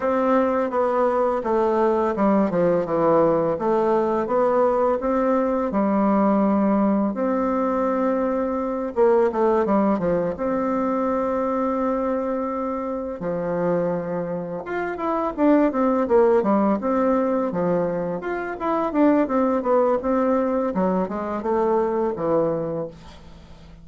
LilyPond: \new Staff \with { instrumentName = "bassoon" } { \time 4/4 \tempo 4 = 84 c'4 b4 a4 g8 f8 | e4 a4 b4 c'4 | g2 c'2~ | c'8 ais8 a8 g8 f8 c'4.~ |
c'2~ c'8 f4.~ | f8 f'8 e'8 d'8 c'8 ais8 g8 c'8~ | c'8 f4 f'8 e'8 d'8 c'8 b8 | c'4 fis8 gis8 a4 e4 | }